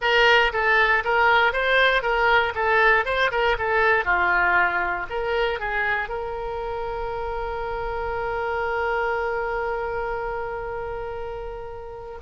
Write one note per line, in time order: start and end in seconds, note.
0.01 0.52 A#4
0.52 1.03 A4
1.04 1.53 A#4
1.53 2.02 C5
2.02 2.53 A#4
2.54 3.05 A4
3.05 3.30 C5
3.31 3.56 A#4
3.58 4.04 A4
4.04 5.06 F4
5.09 5.59 A#4
5.59 6.08 G#4
6.08 12.18 A#4